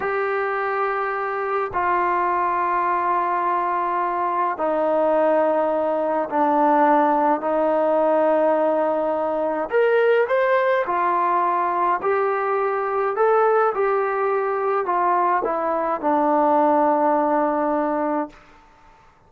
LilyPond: \new Staff \with { instrumentName = "trombone" } { \time 4/4 \tempo 4 = 105 g'2. f'4~ | f'1 | dis'2. d'4~ | d'4 dis'2.~ |
dis'4 ais'4 c''4 f'4~ | f'4 g'2 a'4 | g'2 f'4 e'4 | d'1 | }